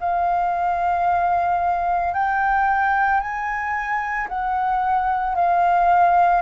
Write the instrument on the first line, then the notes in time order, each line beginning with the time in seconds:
flute
0.00 F5
2.14 G5
3.21 G#5
4.29 F#5
5.36 F5